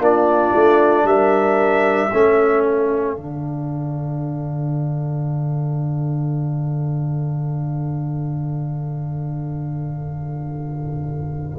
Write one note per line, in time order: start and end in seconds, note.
0.00 0.53 A#3
0.00 2.11 D4
0.00 1.06 F4
0.00 1.07 D5
0.55 1.04 A3
1.04 2.10 G3
1.04 2.11 A#4
1.04 2.64 E5
2.11 3.17 A3
2.11 3.17 C#4
2.11 11.58 A4
2.64 11.59 F5
3.17 11.59 D3
3.17 11.59 D4